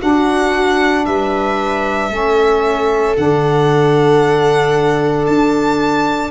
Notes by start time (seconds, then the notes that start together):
0.00 D4 F#4 F#5
1.06 G3 B4 E5
2.10 A3 C#4 A4
3.17 D3 D4 F#5
5.26 D4 A5